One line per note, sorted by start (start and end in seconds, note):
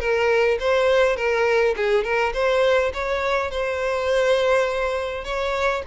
0.00 0.58 A#4
0.60 1.17 C5
1.17 1.75 A#4
1.77 2.04 G#4
2.04 2.33 A#4
2.34 2.92 C5
2.94 3.51 C#5
3.51 5.24 C5
5.24 5.83 C#5